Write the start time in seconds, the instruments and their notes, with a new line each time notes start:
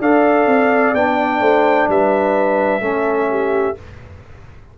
0.00 tuba D4, trombone A4, horn D5, trumpet F5
0.47 tuba C4
0.94 tuba B3, trombone D4, trumpet G5
1.41 tuba A3, horn C5
1.88 tuba G3, horn B4, trumpet E5
2.80 tuba A3, trombone C#4, horn A4
3.30 horn G4